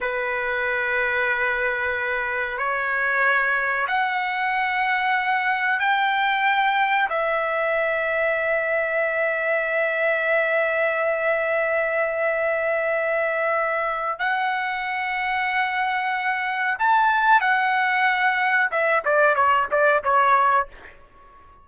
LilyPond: \new Staff \with { instrumentName = "trumpet" } { \time 4/4 \tempo 4 = 93 b'1 | cis''2 fis''2~ | fis''4 g''2 e''4~ | e''1~ |
e''1~ | e''2 fis''2~ | fis''2 a''4 fis''4~ | fis''4 e''8 d''8 cis''8 d''8 cis''4 | }